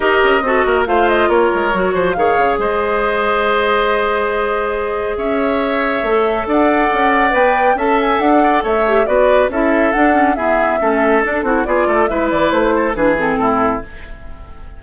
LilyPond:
<<
  \new Staff \with { instrumentName = "flute" } { \time 4/4 \tempo 4 = 139 dis''2 f''8 dis''8 cis''4~ | cis''4 f''4 dis''2~ | dis''1 | e''2. fis''4~ |
fis''4 g''4 a''8 gis''8 fis''4 | e''4 d''4 e''4 fis''4 | e''2 a'4 d''4 | e''8 d''8 c''4 b'8 a'4. | }
  \new Staff \with { instrumentName = "oboe" } { \time 4/4 ais'4 a'8 ais'8 c''4 ais'4~ | ais'8 c''8 cis''4 c''2~ | c''1 | cis''2. d''4~ |
d''2 e''4~ e''16 d'16 d''8 | cis''4 b'4 a'2 | gis'4 a'4. fis'8 gis'8 a'8 | b'4. a'8 gis'4 e'4 | }
  \new Staff \with { instrumentName = "clarinet" } { \time 4/4 g'4 fis'4 f'2 | fis'4 gis'2.~ | gis'1~ | gis'2 a'2~ |
a'4 b'4 a'2~ | a'8 g'8 fis'4 e'4 d'8 cis'8 | b4 cis'4 d'8 e'8 f'4 | e'2 d'8 c'4. | }
  \new Staff \with { instrumentName = "bassoon" } { \time 4/4 dis'8 cis'8 c'8 ais8 a4 ais8 gis8 | fis8 f8 dis8 cis8 gis2~ | gis1 | cis'2 a4 d'4 |
cis'4 b4 cis'4 d'4 | a4 b4 cis'4 d'4 | e'4 a4 d'8 c'8 b8 a8 | gis8 e8 a4 e4 a,4 | }
>>